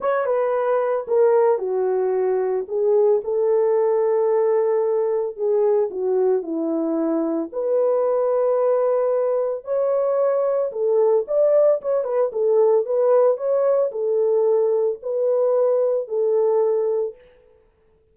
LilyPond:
\new Staff \with { instrumentName = "horn" } { \time 4/4 \tempo 4 = 112 cis''8 b'4. ais'4 fis'4~ | fis'4 gis'4 a'2~ | a'2 gis'4 fis'4 | e'2 b'2~ |
b'2 cis''2 | a'4 d''4 cis''8 b'8 a'4 | b'4 cis''4 a'2 | b'2 a'2 | }